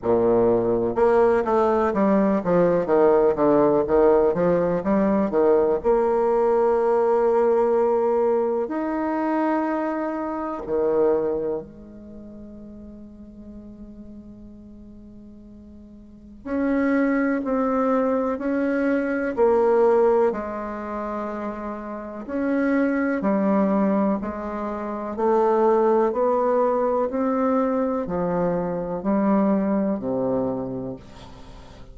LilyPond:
\new Staff \with { instrumentName = "bassoon" } { \time 4/4 \tempo 4 = 62 ais,4 ais8 a8 g8 f8 dis8 d8 | dis8 f8 g8 dis8 ais2~ | ais4 dis'2 dis4 | gis1~ |
gis4 cis'4 c'4 cis'4 | ais4 gis2 cis'4 | g4 gis4 a4 b4 | c'4 f4 g4 c4 | }